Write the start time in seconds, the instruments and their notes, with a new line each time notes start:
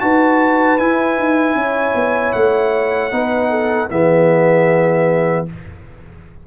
0.00 tuba D#4, trombone F#4, horn B4, trumpet A5
0.78 tuba E4, trombone E4, trumpet G#5
1.18 tuba D#4
1.55 tuba C#4, horn C#5
1.94 tuba B3
2.32 tuba A3, trumpet F#5
3.11 tuba B3, trombone D#4, horn B4
3.50 horn A4
3.90 tuba E3, trombone B3, horn G#4, trumpet E5